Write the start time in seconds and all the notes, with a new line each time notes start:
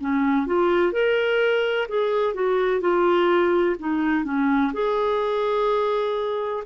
0.00 C#4
0.46 F4
0.92 A#4
1.88 G#4
2.34 F#4
2.81 F4
3.79 D#4
4.24 C#4
4.73 G#4